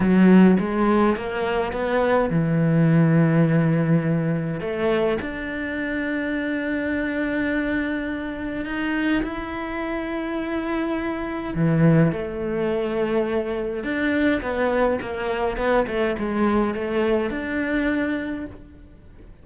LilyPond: \new Staff \with { instrumentName = "cello" } { \time 4/4 \tempo 4 = 104 fis4 gis4 ais4 b4 | e1 | a4 d'2.~ | d'2. dis'4 |
e'1 | e4 a2. | d'4 b4 ais4 b8 a8 | gis4 a4 d'2 | }